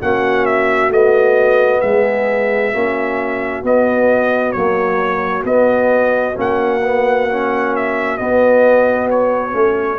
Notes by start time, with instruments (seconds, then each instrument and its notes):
0.00 tuba A#3, trombone C#4, horn F#4, trumpet F#5
0.45 trumpet E5
0.89 tuba A3, trombone B3, trumpet D#5
1.80 tuba G#3, horn G#4, trumpet E5
2.72 tuba A#3, trombone C#4, horn F#4
3.63 trombone B3, tuba B3, trumpet D#5
4.52 trombone F#3, tuba A#3, trumpet C#5
5.44 tuba B3, trombone B3, trumpet D#5
6.34 tuba A#3, trombone C#4, trumpet F#5
6.83 trombone B3
7.29 trombone C#4
7.76 trumpet E5
8.17 trombone B3, tuba B3, trumpet D#5
9.10 trumpet C#5
9.51 tuba A3, trombone C#4